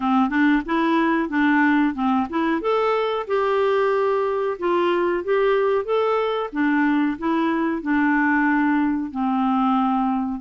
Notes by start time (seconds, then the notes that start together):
0.00 C4
0.29 D4
0.65 E4
1.29 D4
1.94 C4
2.29 E4
2.61 A4
3.27 G4
4.59 F4
5.24 G4
5.85 A4
6.52 D4
7.18 E4
7.81 D4
9.11 C4